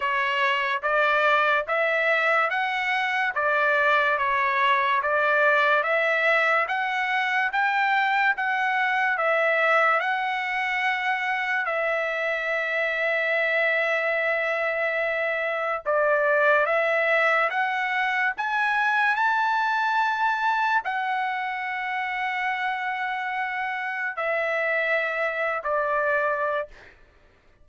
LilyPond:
\new Staff \with { instrumentName = "trumpet" } { \time 4/4 \tempo 4 = 72 cis''4 d''4 e''4 fis''4 | d''4 cis''4 d''4 e''4 | fis''4 g''4 fis''4 e''4 | fis''2 e''2~ |
e''2. d''4 | e''4 fis''4 gis''4 a''4~ | a''4 fis''2.~ | fis''4 e''4.~ e''16 d''4~ d''16 | }